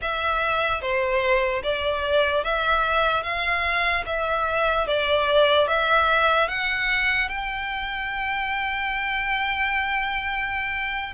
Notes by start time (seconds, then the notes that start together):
0.01 E5
0.81 C5
1.63 D5
2.44 E5
3.23 F5
4.06 E5
4.87 D5
5.67 E5
6.48 F#5
7.28 G5